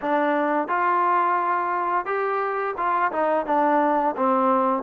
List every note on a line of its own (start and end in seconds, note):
0.01 0.68 D4
0.68 2.05 F4
2.05 2.74 G4
2.77 3.11 F4
3.12 3.46 D#4
3.46 4.15 D4
4.16 4.82 C4